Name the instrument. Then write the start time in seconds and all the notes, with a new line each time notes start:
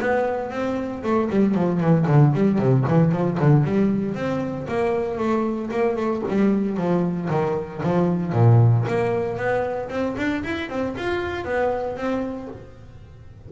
double bass
0.00 B3
0.50 C4
1.03 A3
1.30 G3
1.54 F3
1.80 E3
2.07 D3
2.34 G3
2.58 C3
2.88 E3
3.12 F3
3.40 D3
3.64 G3
4.14 C4
4.68 A#3
5.18 A3
5.70 A#3
5.96 A3
6.28 G3
6.77 F3
7.29 D#3
7.83 F3
8.32 A#2
8.88 A#3
9.37 B3
9.89 C4
10.17 D4
10.43 E4
10.69 C4
10.97 F4
11.45 B3
11.96 C4